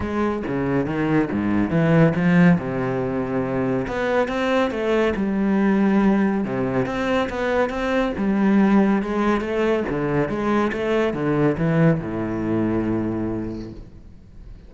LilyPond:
\new Staff \with { instrumentName = "cello" } { \time 4/4 \tempo 4 = 140 gis4 cis4 dis4 gis,4 | e4 f4 c2~ | c4 b4 c'4 a4 | g2. c4 |
c'4 b4 c'4 g4~ | g4 gis4 a4 d4 | gis4 a4 d4 e4 | a,1 | }